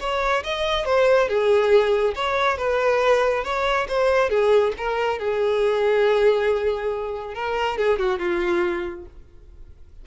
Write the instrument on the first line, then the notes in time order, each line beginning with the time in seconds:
violin
0.00 C#5
0.44 D#5
0.85 C5
1.28 G#4
2.15 C#5
2.58 B4
3.44 C#5
3.88 C5
4.29 G#4
4.77 A#4
5.19 G#4
7.34 A#4
7.78 G#4
7.99 F#4
8.19 F4